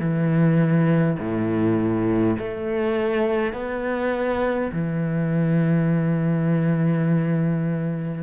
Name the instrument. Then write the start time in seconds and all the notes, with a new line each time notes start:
cello
0.00 E3
1.20 A2
2.39 A3
3.53 B3
4.73 E3